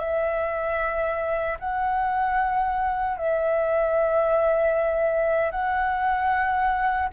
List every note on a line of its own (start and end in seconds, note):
0.00 1.58 E5
1.60 3.18 F#5
3.18 5.52 E5
5.52 7.09 F#5